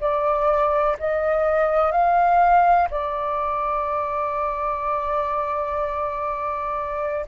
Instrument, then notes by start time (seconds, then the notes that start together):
flute
0.00 D5
0.99 D#5
1.91 F5
2.90 D5